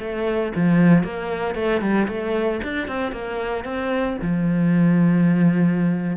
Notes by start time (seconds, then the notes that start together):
0.00 A3
0.56 F3
1.04 A#3
1.56 A3
1.82 G3
2.09 A3
2.64 D4
2.88 C4
3.12 A#3
3.65 C4
4.22 F3